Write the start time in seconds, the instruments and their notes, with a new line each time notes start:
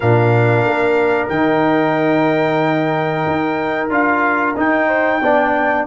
0.00 tuba A#2, trombone D4, horn A#4, trumpet F5
0.65 tuba A#3
1.28 tuba D#3, trombone D#4, trumpet G5
3.26 tuba D#4
3.89 tuba D4, trombone F4, trumpet F5
4.56 trombone D#4, tuba D#4, trumpet G5
4.87 horn C5
5.21 tuba B3, trombone D4, horn D5